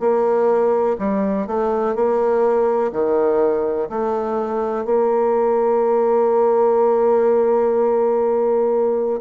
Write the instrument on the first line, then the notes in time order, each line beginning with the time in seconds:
bassoon
0.00 A#3
0.99 G3
1.47 A3
1.95 A#3
2.92 D#3
3.90 A3
4.85 A#3